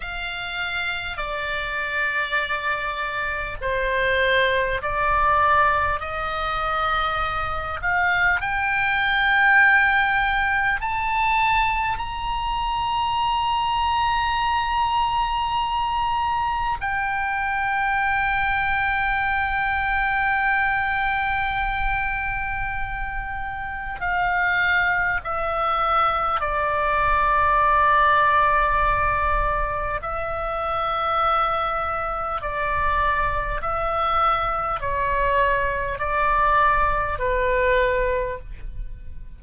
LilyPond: \new Staff \with { instrumentName = "oboe" } { \time 4/4 \tempo 4 = 50 f''4 d''2 c''4 | d''4 dis''4. f''8 g''4~ | g''4 a''4 ais''2~ | ais''2 g''2~ |
g''1 | f''4 e''4 d''2~ | d''4 e''2 d''4 | e''4 cis''4 d''4 b'4 | }